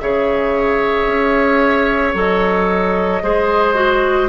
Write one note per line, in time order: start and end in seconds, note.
0.00 1.06 C#3
0.00 2.15 G#4
0.00 3.23 C#5
0.00 2.14 E5
1.06 2.14 C#4
2.14 3.21 F#3
2.14 3.22 A4
2.14 4.29 D#5
3.22 4.29 G#3
3.22 3.75 G#4
3.22 4.29 C5
3.75 4.28 F#4